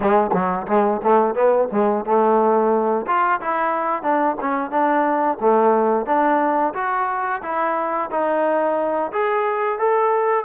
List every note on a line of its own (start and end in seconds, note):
0.00 0.31 G#3
0.32 0.66 F#3
0.67 1.01 G#3
1.03 1.35 A3
1.35 1.68 B3
1.71 2.05 G#3
2.05 3.06 A3
3.06 3.40 F4
3.40 4.02 E4
4.02 4.36 D4
4.40 4.70 C#4
4.70 5.37 D4
5.40 6.06 A3
6.06 6.73 D4
6.74 7.41 F#4
7.42 8.09 E4
8.10 9.11 D#4
9.12 9.78 G#4
9.78 10.44 A4